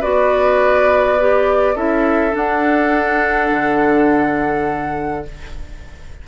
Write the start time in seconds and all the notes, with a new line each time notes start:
0.00 B3 F#4 B4 D5
1.20 G4
1.75 C#4 E4 A4 E5
2.31 D4 F#5
3.51 D3